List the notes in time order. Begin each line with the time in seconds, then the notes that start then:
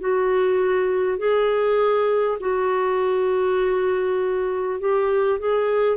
0.00 F#4
1.18 G#4
2.40 F#4
4.80 G4
5.39 G#4